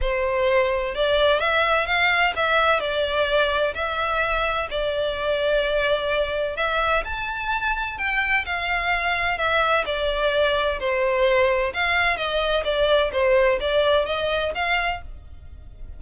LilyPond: \new Staff \with { instrumentName = "violin" } { \time 4/4 \tempo 4 = 128 c''2 d''4 e''4 | f''4 e''4 d''2 | e''2 d''2~ | d''2 e''4 a''4~ |
a''4 g''4 f''2 | e''4 d''2 c''4~ | c''4 f''4 dis''4 d''4 | c''4 d''4 dis''4 f''4 | }